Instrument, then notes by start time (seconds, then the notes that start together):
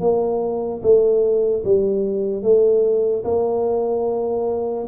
tuba
0.00 A#3
0.82 A3
1.64 G3
2.43 A3
3.24 A#3